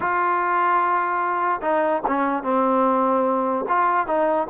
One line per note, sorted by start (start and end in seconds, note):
0.00 1.60 F4
1.61 2.02 D#4
2.07 2.43 C#4
2.43 3.65 C4
3.68 4.06 F4
4.06 4.47 D#4